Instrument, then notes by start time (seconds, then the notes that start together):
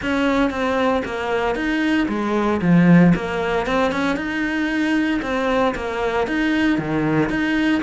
cello
0.02 C#4
0.50 C4
1.04 A#3
1.55 D#4
2.08 G#3
2.61 F3
3.15 A#3
3.66 C4
3.91 C#4
4.16 D#4
5.22 C4
5.75 A#3
6.27 D#4
6.78 D#3
7.29 D#4